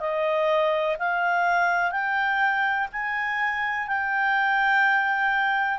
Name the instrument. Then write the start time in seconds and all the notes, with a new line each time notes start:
clarinet
0.00 D#5
0.99 F5
1.91 G5
2.92 G#5
3.88 G5